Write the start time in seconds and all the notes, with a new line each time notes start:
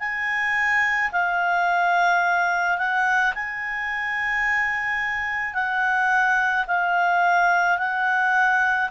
0.00 G#5
1.12 F5
2.78 F#5
3.35 G#5
5.54 F#5
6.67 F5
7.78 F#5